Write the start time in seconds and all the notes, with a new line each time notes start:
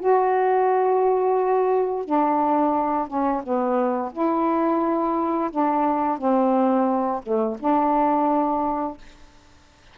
0.00 F#4
2.05 D4
3.08 C#4
3.44 B3
4.13 E4
5.51 D4
6.18 C4
7.23 A3
7.60 D4